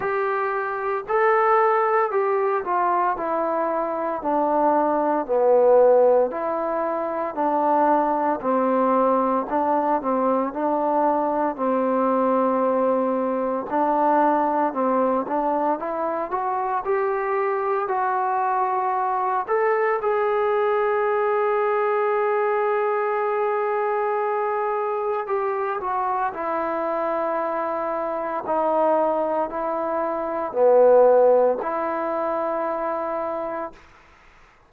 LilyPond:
\new Staff \with { instrumentName = "trombone" } { \time 4/4 \tempo 4 = 57 g'4 a'4 g'8 f'8 e'4 | d'4 b4 e'4 d'4 | c'4 d'8 c'8 d'4 c'4~ | c'4 d'4 c'8 d'8 e'8 fis'8 |
g'4 fis'4. a'8 gis'4~ | gis'1 | g'8 fis'8 e'2 dis'4 | e'4 b4 e'2 | }